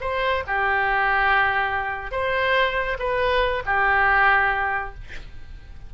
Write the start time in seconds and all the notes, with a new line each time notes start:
0.00 C5
0.47 G4
2.11 C5
2.99 B4
3.65 G4